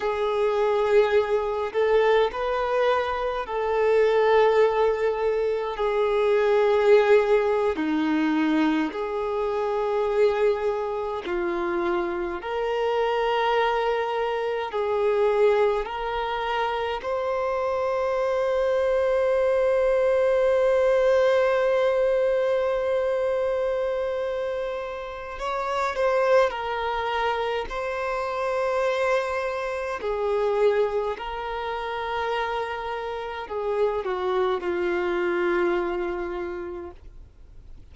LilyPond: \new Staff \with { instrumentName = "violin" } { \time 4/4 \tempo 4 = 52 gis'4. a'8 b'4 a'4~ | a'4 gis'4.~ gis'16 dis'4 gis'16~ | gis'4.~ gis'16 f'4 ais'4~ ais'16~ | ais'8. gis'4 ais'4 c''4~ c''16~ |
c''1~ | c''2 cis''8 c''8 ais'4 | c''2 gis'4 ais'4~ | ais'4 gis'8 fis'8 f'2 | }